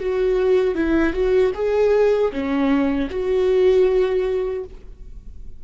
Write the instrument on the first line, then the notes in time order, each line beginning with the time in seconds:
viola
0.00 F#4
0.75 E4
1.13 F#4
1.55 G#4
2.32 C#4
3.10 F#4